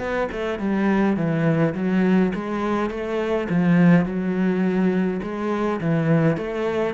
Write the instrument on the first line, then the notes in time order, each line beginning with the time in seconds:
cello
0.00 B3
0.32 A3
0.59 G3
1.17 E3
1.75 F#3
2.35 G#3
2.91 A3
3.50 F3
4.06 F#3
5.23 G#3
5.81 E3
6.38 A3